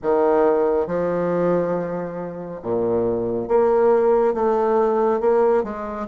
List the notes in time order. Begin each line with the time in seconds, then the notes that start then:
0.02 D#3
0.87 F3
2.62 A#2
3.47 A#3
4.34 A3
5.20 A#3
5.63 G#3